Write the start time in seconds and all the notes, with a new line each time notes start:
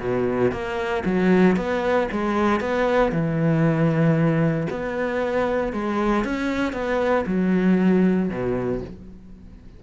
0.00 B2
0.52 A#3
1.06 F#3
1.57 B3
2.12 G#3
2.61 B3
3.12 E3
4.70 B3
5.73 G#3
6.25 C#4
6.73 B3
7.27 F#3
8.30 B2